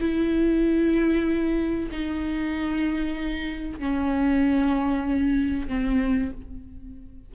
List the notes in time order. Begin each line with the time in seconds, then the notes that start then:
0.00 E4
1.91 D#4
3.79 C#4
5.68 C4